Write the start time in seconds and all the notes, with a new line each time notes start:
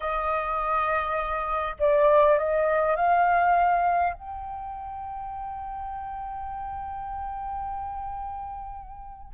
0.00 D#5
1.79 D5
2.38 D#5
2.96 F5
4.13 G5